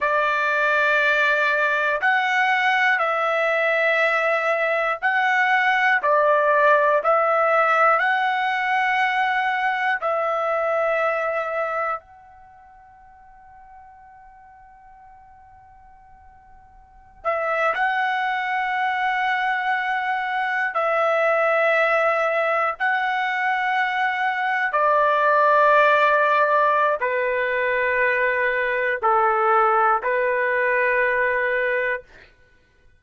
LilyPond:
\new Staff \with { instrumentName = "trumpet" } { \time 4/4 \tempo 4 = 60 d''2 fis''4 e''4~ | e''4 fis''4 d''4 e''4 | fis''2 e''2 | fis''1~ |
fis''4~ fis''16 e''8 fis''2~ fis''16~ | fis''8. e''2 fis''4~ fis''16~ | fis''8. d''2~ d''16 b'4~ | b'4 a'4 b'2 | }